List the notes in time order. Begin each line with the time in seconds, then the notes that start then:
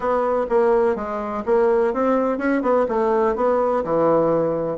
0.00 B3
0.49 A#3
0.95 G#3
1.45 A#3
1.93 C4
2.38 C#4
2.62 B3
2.88 A3
3.35 B3
3.84 E3